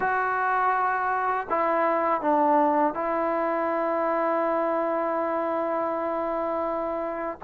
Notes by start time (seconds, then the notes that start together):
0.00 F#4
1.49 E4
2.21 D4
2.94 E4